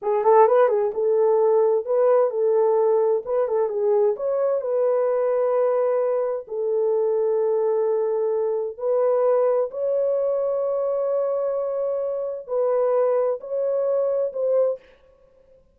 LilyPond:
\new Staff \with { instrumentName = "horn" } { \time 4/4 \tempo 4 = 130 gis'8 a'8 b'8 gis'8 a'2 | b'4 a'2 b'8 a'8 | gis'4 cis''4 b'2~ | b'2 a'2~ |
a'2. b'4~ | b'4 cis''2.~ | cis''2. b'4~ | b'4 cis''2 c''4 | }